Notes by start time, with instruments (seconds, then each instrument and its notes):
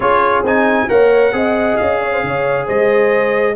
0.00 tuba C#4, trombone F4, horn G#4, trumpet C#5
0.42 tuba C4, trombone D#4, trumpet G#5
0.88 tuba A#3, trombone A#4, horn C#5, trumpet F#5
1.32 tuba C4, trombone G#4, horn D#5
1.76 tuba C#4, trumpet F5
2.00 horn C#5
2.12 horn C5
2.23 tuba C#3, horn C#5
2.65 tuba G#3, horn C5, trumpet D#5